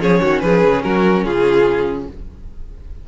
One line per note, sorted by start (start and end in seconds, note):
0.00 0.21 F3
0.00 2.08 C#4
0.00 0.22 G#4
0.00 0.40 C#5
0.22 0.43 D#3
0.22 0.43 F#4
0.40 0.64 F3
0.40 0.85 G#4
0.40 0.82 B4
0.65 0.85 C#3
0.83 1.25 F#3
0.83 1.25 F#4
0.83 1.25 A#4
1.25 2.08 C#3
1.25 2.08 F4
1.25 2.08 G#4